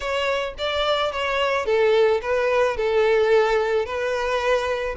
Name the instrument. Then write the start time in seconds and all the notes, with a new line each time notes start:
violin
0.00 C#5
0.58 D5
1.12 C#5
1.65 A4
2.21 B4
2.76 A4
3.85 B4